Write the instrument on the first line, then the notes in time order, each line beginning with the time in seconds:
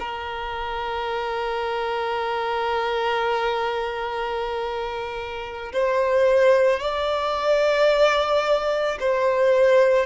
violin
0.00 A#4
5.73 C5
6.80 D5
9.00 C5